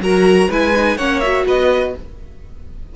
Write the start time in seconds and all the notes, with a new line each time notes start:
0.00 F#3 F#4 A#4 A#5
0.49 G#3 E4 B4 G#5
0.76 D#4
0.97 A#3 C#4 C#5 F#5
1.20 F#4 E5
1.47 B3 B4 D#5